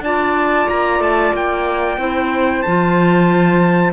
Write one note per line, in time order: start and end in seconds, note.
0.00 0.65 D4
0.00 1.98 F4
0.00 1.99 D5
0.00 0.69 A5
0.69 0.99 A#3
0.69 1.01 A#5
0.99 1.31 A3
0.99 1.35 A5
1.34 1.97 A#3
1.34 2.62 G5
1.97 2.62 C4
1.97 2.64 E4
1.97 3.93 C5
2.62 3.93 F3
2.62 3.93 F4
2.62 3.92 A5